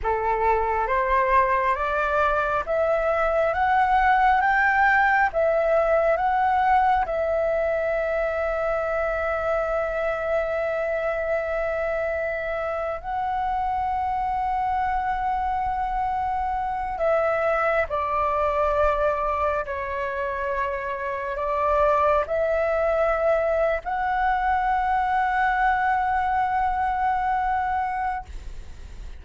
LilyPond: \new Staff \with { instrumentName = "flute" } { \time 4/4 \tempo 4 = 68 a'4 c''4 d''4 e''4 | fis''4 g''4 e''4 fis''4 | e''1~ | e''2~ e''8. fis''4~ fis''16~ |
fis''2.~ fis''16 e''8.~ | e''16 d''2 cis''4.~ cis''16~ | cis''16 d''4 e''4.~ e''16 fis''4~ | fis''1 | }